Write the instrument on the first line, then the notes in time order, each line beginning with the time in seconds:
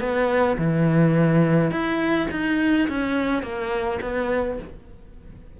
cello
0.00 B3
0.58 E3
1.71 E4
2.31 D#4
2.89 C#4
3.43 A#3
4.02 B3